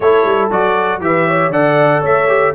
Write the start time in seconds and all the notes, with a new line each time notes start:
0.00 A3 E4 A4 C#5
0.24 G3
0.50 F#3 F#4 D5
1.00 E3 G4 B4 E5
1.27 C#5
1.49 D3 A4 D5 F#5
2.01 A3 C#5 E5
2.28 G4